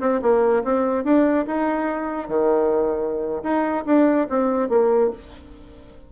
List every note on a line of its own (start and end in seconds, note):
0.00 0.21 C4
0.22 0.63 A#3
0.63 1.04 C4
1.04 1.45 D4
1.46 2.28 D#4
2.28 3.42 D#3
3.43 3.84 D#4
3.85 4.27 D4
4.29 4.69 C4
4.69 5.10 A#3